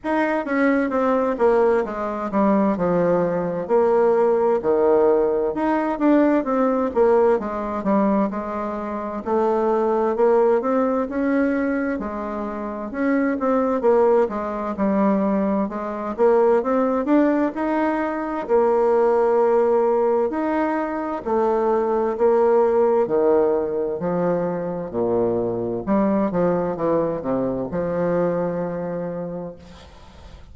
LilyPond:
\new Staff \with { instrumentName = "bassoon" } { \time 4/4 \tempo 4 = 65 dis'8 cis'8 c'8 ais8 gis8 g8 f4 | ais4 dis4 dis'8 d'8 c'8 ais8 | gis8 g8 gis4 a4 ais8 c'8 | cis'4 gis4 cis'8 c'8 ais8 gis8 |
g4 gis8 ais8 c'8 d'8 dis'4 | ais2 dis'4 a4 | ais4 dis4 f4 ais,4 | g8 f8 e8 c8 f2 | }